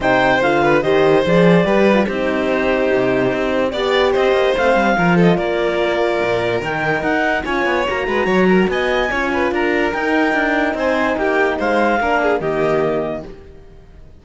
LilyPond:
<<
  \new Staff \with { instrumentName = "clarinet" } { \time 4/4 \tempo 4 = 145 g''4 f''4 dis''4 d''4~ | d''4 c''2.~ | c''4 d''4 dis''4 f''4~ | f''8 dis''8 d''2. |
g''4 fis''4 gis''4 ais''4~ | ais''4 gis''2 ais''4 | g''2 gis''4 g''4 | f''2 dis''2 | }
  \new Staff \with { instrumentName = "violin" } { \time 4/4 c''4. b'8 c''2 | b'4 g'2.~ | g'4 d''4 c''2 | ais'8 a'8 ais'2.~ |
ais'2 cis''4. b'8 | cis''8 ais'8 dis''4 cis''8 b'8 ais'4~ | ais'2 c''4 g'4 | c''4 ais'8 gis'8 g'2 | }
  \new Staff \with { instrumentName = "horn" } { \time 4/4 dis'4 f'4 g'4 gis'4 | g'8. f'16 dis'2.~ | dis'4 g'2 c'4 | f'1 |
dis'2 f'4 fis'4~ | fis'2 f'2 | dis'1~ | dis'4 d'4 ais2 | }
  \new Staff \with { instrumentName = "cello" } { \time 4/4 c4 d4 dis4 f4 | g4 c'2 c4 | c'4 b4 c'8 ais8 a8 g8 | f4 ais2 ais,4 |
dis4 dis'4 cis'8 b8 ais8 gis8 | fis4 b4 cis'4 d'4 | dis'4 d'4 c'4 ais4 | gis4 ais4 dis2 | }
>>